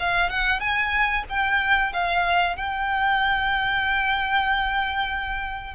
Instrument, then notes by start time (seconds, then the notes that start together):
violin
0.00 F5
0.30 F#5
0.60 G#5
1.29 G5
1.93 F5
2.57 G5